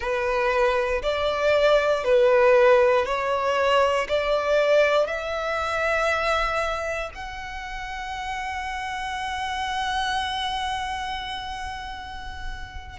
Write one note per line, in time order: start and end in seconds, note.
0.00 1.02 B4
1.02 2.03 D5
2.03 3.05 B4
3.05 4.07 C#5
4.08 5.07 D5
5.07 7.10 E5
7.14 12.99 F#5